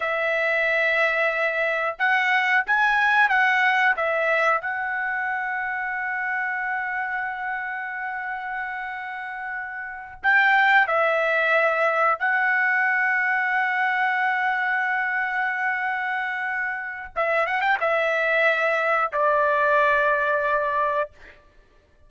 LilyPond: \new Staff \with { instrumentName = "trumpet" } { \time 4/4 \tempo 4 = 91 e''2. fis''4 | gis''4 fis''4 e''4 fis''4~ | fis''1~ | fis''2.~ fis''8 g''8~ |
g''8 e''2 fis''4.~ | fis''1~ | fis''2 e''8 fis''16 g''16 e''4~ | e''4 d''2. | }